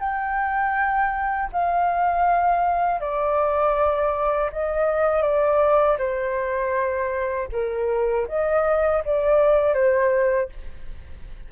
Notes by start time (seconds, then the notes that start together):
0.00 G5
1.53 F5
3.01 D5
4.52 D#5
5.22 D5
5.99 C5
7.52 A#4
8.28 D#5
9.05 D5
9.74 C5